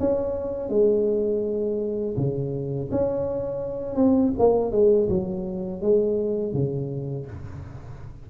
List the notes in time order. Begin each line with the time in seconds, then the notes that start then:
0.00 C#4
0.70 G#3
2.17 C#3
2.92 C#4
3.96 C4
4.39 A#3
4.72 G#3
5.09 F#3
5.82 G#3
6.54 C#3